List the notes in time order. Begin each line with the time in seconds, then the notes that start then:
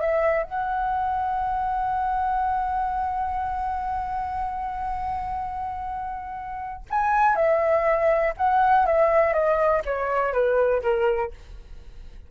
0.00 E5
0.43 F#5
6.90 G#5
7.35 E5
8.37 F#5
8.85 E5
9.33 D#5
9.85 C#5
10.32 B4
10.82 A#4